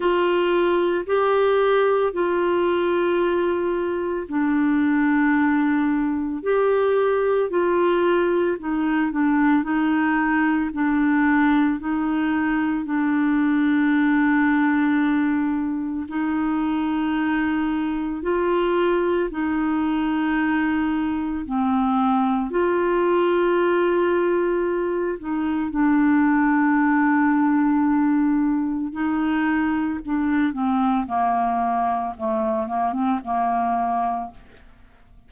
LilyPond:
\new Staff \with { instrumentName = "clarinet" } { \time 4/4 \tempo 4 = 56 f'4 g'4 f'2 | d'2 g'4 f'4 | dis'8 d'8 dis'4 d'4 dis'4 | d'2. dis'4~ |
dis'4 f'4 dis'2 | c'4 f'2~ f'8 dis'8 | d'2. dis'4 | d'8 c'8 ais4 a8 ais16 c'16 ais4 | }